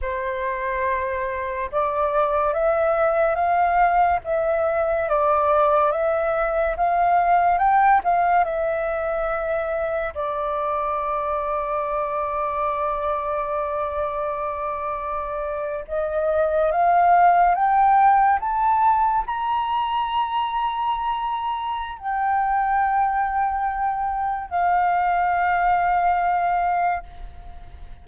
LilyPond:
\new Staff \with { instrumentName = "flute" } { \time 4/4 \tempo 4 = 71 c''2 d''4 e''4 | f''4 e''4 d''4 e''4 | f''4 g''8 f''8 e''2 | d''1~ |
d''2~ d''8. dis''4 f''16~ | f''8. g''4 a''4 ais''4~ ais''16~ | ais''2 g''2~ | g''4 f''2. | }